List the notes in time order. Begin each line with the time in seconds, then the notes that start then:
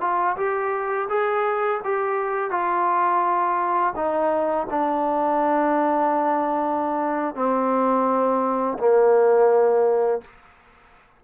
0.00 F4
0.36 G4
1.09 G#4
1.84 G4
2.50 F4
3.95 D#4
4.70 D4
7.35 C4
8.78 A#3